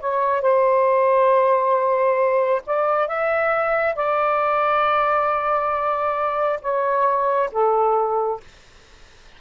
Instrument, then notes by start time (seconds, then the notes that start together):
saxophone
0.00 C#5
0.41 C5
2.66 D5
3.07 E5
3.95 D5
6.61 C#5
7.52 A4